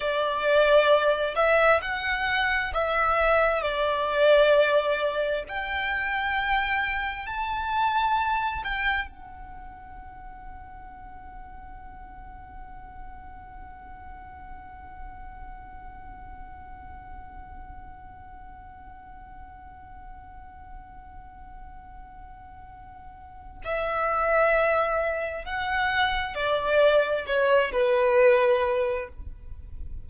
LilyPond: \new Staff \with { instrumentName = "violin" } { \time 4/4 \tempo 4 = 66 d''4. e''8 fis''4 e''4 | d''2 g''2 | a''4. g''8 fis''2~ | fis''1~ |
fis''1~ | fis''1~ | fis''2 e''2 | fis''4 d''4 cis''8 b'4. | }